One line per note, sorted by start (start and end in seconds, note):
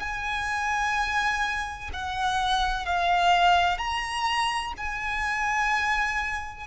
0.00 1.90 G#5
1.94 2.86 F#5
2.86 3.78 F5
3.78 4.74 A#5
4.78 6.68 G#5